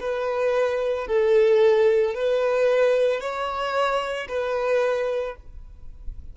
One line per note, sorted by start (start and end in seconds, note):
0.00 1.07 B4
1.07 2.14 A4
2.14 3.20 B4
3.20 4.28 C#5
4.29 5.36 B4